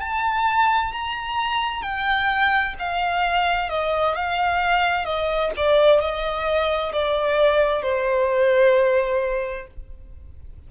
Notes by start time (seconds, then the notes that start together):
0.00 A5
0.92 A#5
1.82 G5
2.79 F5
3.69 D#5
4.15 F5
5.04 D#5
5.56 D5
6.00 D#5
6.92 D5
7.82 C5